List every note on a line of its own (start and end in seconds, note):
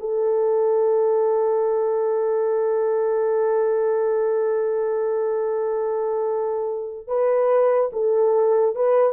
0.00 7.08 A4
7.08 7.91 B4
7.93 8.75 A4
8.75 9.13 B4